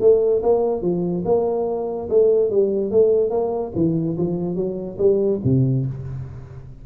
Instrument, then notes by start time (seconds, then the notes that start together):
tuba
0.00 A3
0.43 A#3
0.82 F3
1.25 A#3
2.10 A3
2.50 G3
2.91 A3
3.30 A#3
3.75 E3
4.17 F3
4.55 F#3
4.98 G3
5.44 C3